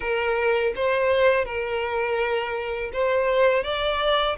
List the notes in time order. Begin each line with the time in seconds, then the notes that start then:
0.00 A#4
0.75 C5
1.45 A#4
2.93 C5
3.63 D5